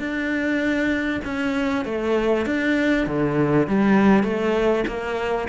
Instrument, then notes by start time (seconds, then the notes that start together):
cello
0.00 D4
1.25 C#4
1.86 A3
2.47 D4
3.07 D3
3.68 G3
4.24 A3
4.88 A#3